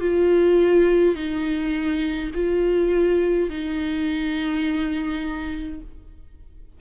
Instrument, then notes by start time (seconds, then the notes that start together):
viola
0.00 F4
1.15 D#4
2.34 F4
3.49 D#4